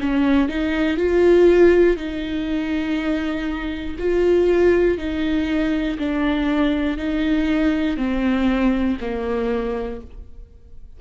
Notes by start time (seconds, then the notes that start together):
0.00 C#4
0.48 D#4
0.97 F4
1.96 D#4
3.98 F4
4.97 D#4
5.98 D4
6.97 D#4
7.97 C4
9.00 A#3